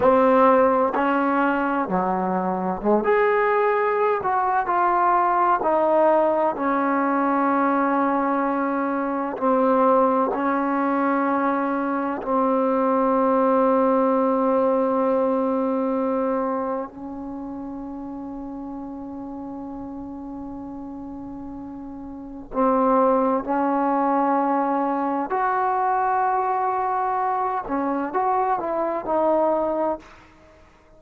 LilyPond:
\new Staff \with { instrumentName = "trombone" } { \time 4/4 \tempo 4 = 64 c'4 cis'4 fis4 gis16 gis'8.~ | gis'8 fis'8 f'4 dis'4 cis'4~ | cis'2 c'4 cis'4~ | cis'4 c'2.~ |
c'2 cis'2~ | cis'1 | c'4 cis'2 fis'4~ | fis'4. cis'8 fis'8 e'8 dis'4 | }